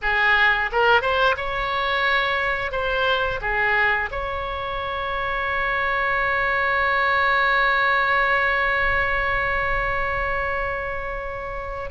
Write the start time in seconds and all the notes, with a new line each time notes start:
0.02 G#4
0.72 A#4
1.01 C5
1.36 C#5
2.71 C5
3.41 G#4
4.11 C#5